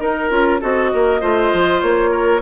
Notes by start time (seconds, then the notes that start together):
0.00 D#4 A#4
0.30 C#4 F4
0.61 C4 F#4 A4 D#5
0.94 A#3 A#4
1.20 A3 F4 C5
1.53 F3
1.82 A#3 C#5
2.11 A#4